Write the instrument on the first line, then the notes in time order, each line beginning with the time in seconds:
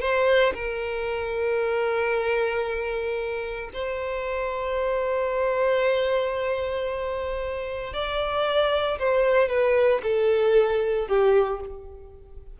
violin
0.00 C5
0.54 A#4
3.73 C5
7.93 D5
8.99 C5
9.49 B4
10.03 A4
11.07 G4